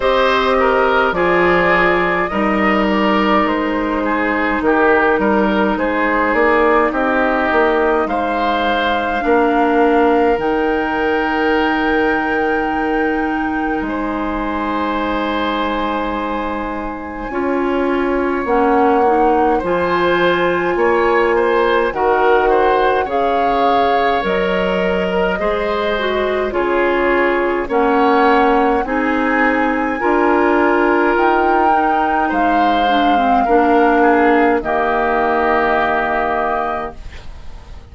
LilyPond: <<
  \new Staff \with { instrumentName = "flute" } { \time 4/4 \tempo 4 = 52 dis''4 d''4 dis''8 d''8 c''4 | ais'4 c''8 d''8 dis''4 f''4~ | f''4 g''2. | gis''1 |
fis''4 gis''2 fis''4 | f''4 dis''2 cis''4 | fis''4 gis''2 g''4 | f''2 dis''2 | }
  \new Staff \with { instrumentName = "oboe" } { \time 4/4 c''8 ais'8 gis'4 ais'4. gis'8 | g'8 ais'8 gis'4 g'4 c''4 | ais'1 | c''2. cis''4~ |
cis''4 c''4 cis''8 c''8 ais'8 c''8 | cis''4.~ cis''16 ais'16 c''4 gis'4 | cis''4 gis'4 ais'2 | c''4 ais'8 gis'8 g'2 | }
  \new Staff \with { instrumentName = "clarinet" } { \time 4/4 g'4 f'4 dis'2~ | dis'1 | d'4 dis'2.~ | dis'2. f'4 |
cis'8 dis'8 f'2 fis'4 | gis'4 ais'4 gis'8 fis'8 f'4 | cis'4 dis'4 f'4. dis'8~ | dis'8 d'16 c'16 d'4 ais2 | }
  \new Staff \with { instrumentName = "bassoon" } { \time 4/4 c'4 f4 g4 gis4 | dis8 g8 gis8 ais8 c'8 ais8 gis4 | ais4 dis2. | gis2. cis'4 |
ais4 f4 ais4 dis4 | cis4 fis4 gis4 cis4 | ais4 c'4 d'4 dis'4 | gis4 ais4 dis2 | }
>>